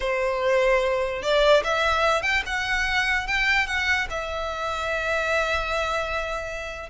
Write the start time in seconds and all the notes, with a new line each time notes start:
0.00 C5
1.22 D5
1.64 E5
2.22 G5
2.45 F#5
3.27 G5
3.66 F#5
4.09 E5